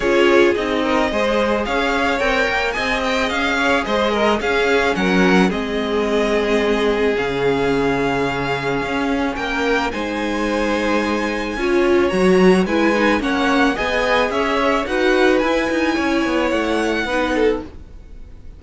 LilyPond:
<<
  \new Staff \with { instrumentName = "violin" } { \time 4/4 \tempo 4 = 109 cis''4 dis''2 f''4 | g''4 gis''8 g''8 f''4 dis''4 | f''4 fis''4 dis''2~ | dis''4 f''2.~ |
f''4 g''4 gis''2~ | gis''2 ais''4 gis''4 | fis''4 gis''4 e''4 fis''4 | gis''2 fis''2 | }
  \new Staff \with { instrumentName = "violin" } { \time 4/4 gis'4. ais'8 c''4 cis''4~ | cis''4 dis''4. cis''8 c''8 ais'8 | gis'4 ais'4 gis'2~ | gis'1~ |
gis'4 ais'4 c''2~ | c''4 cis''2 b'4 | cis''4 dis''4 cis''4 b'4~ | b'4 cis''2 b'8 a'8 | }
  \new Staff \with { instrumentName = "viola" } { \time 4/4 f'4 dis'4 gis'2 | ais'4 gis'2. | cis'2 c'2~ | c'4 cis'2.~ |
cis'2 dis'2~ | dis'4 f'4 fis'4 e'8 dis'8 | cis'4 gis'2 fis'4 | e'2. dis'4 | }
  \new Staff \with { instrumentName = "cello" } { \time 4/4 cis'4 c'4 gis4 cis'4 | c'8 ais8 c'4 cis'4 gis4 | cis'4 fis4 gis2~ | gis4 cis2. |
cis'4 ais4 gis2~ | gis4 cis'4 fis4 gis4 | ais4 b4 cis'4 dis'4 | e'8 dis'8 cis'8 b8 a4 b4 | }
>>